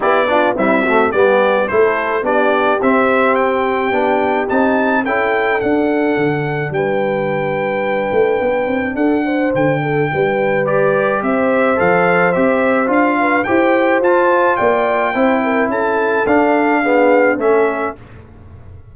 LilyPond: <<
  \new Staff \with { instrumentName = "trumpet" } { \time 4/4 \tempo 4 = 107 d''4 e''4 d''4 c''4 | d''4 e''4 g''2 | a''4 g''4 fis''2 | g''1 |
fis''4 g''2 d''4 | e''4 f''4 e''4 f''4 | g''4 a''4 g''2 | a''4 f''2 e''4 | }
  \new Staff \with { instrumentName = "horn" } { \time 4/4 g'8 f'8 e'8 fis'8 g'4 a'4 | g'1~ | g'4 a'2. | b'1 |
a'8 c''4 a'8 b'2 | c''2.~ c''8 b'8 | c''2 d''4 c''8 ais'8 | a'2 gis'4 a'4 | }
  \new Staff \with { instrumentName = "trombone" } { \time 4/4 e'8 d'8 g8 a8 b4 e'4 | d'4 c'2 d'4 | dis'4 e'4 d'2~ | d'1~ |
d'2. g'4~ | g'4 a'4 g'4 f'4 | g'4 f'2 e'4~ | e'4 d'4 b4 cis'4 | }
  \new Staff \with { instrumentName = "tuba" } { \time 4/4 b4 c'4 g4 a4 | b4 c'2 b4 | c'4 cis'4 d'4 d4 | g2~ g8 a8 b8 c'8 |
d'4 d4 g2 | c'4 f4 c'4 d'4 | e'4 f'4 ais4 c'4 | cis'4 d'2 a4 | }
>>